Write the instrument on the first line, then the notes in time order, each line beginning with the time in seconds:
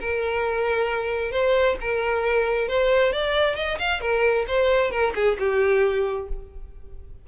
violin
0.00 A#4
1.31 C5
1.80 A#4
2.68 C5
3.12 D5
3.55 D#5
3.79 F5
4.01 A#4
4.47 C5
4.91 A#4
5.15 G#4
5.39 G4